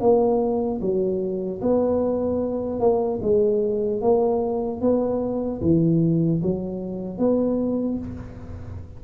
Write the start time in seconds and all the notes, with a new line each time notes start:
0.00 A#3
0.81 F#3
1.61 B3
2.79 A#3
3.22 G#3
4.01 A#3
4.81 B3
5.61 E3
6.43 F#3
7.18 B3